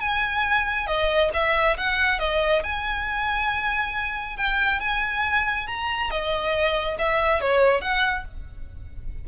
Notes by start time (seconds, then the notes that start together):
0.00 G#5
0.87 D#5
1.33 E5
1.77 F#5
2.19 D#5
2.63 G#5
4.37 G5
4.80 G#5
5.67 A#5
6.10 D#5
6.98 E5
7.41 C#5
7.81 F#5